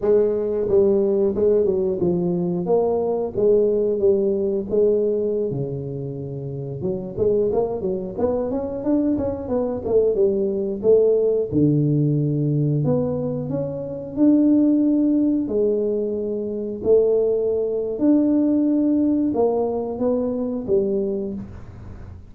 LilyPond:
\new Staff \with { instrumentName = "tuba" } { \time 4/4 \tempo 4 = 90 gis4 g4 gis8 fis8 f4 | ais4 gis4 g4 gis4~ | gis16 cis2 fis8 gis8 ais8 fis16~ | fis16 b8 cis'8 d'8 cis'8 b8 a8 g8.~ |
g16 a4 d2 b8.~ | b16 cis'4 d'2 gis8.~ | gis4~ gis16 a4.~ a16 d'4~ | d'4 ais4 b4 g4 | }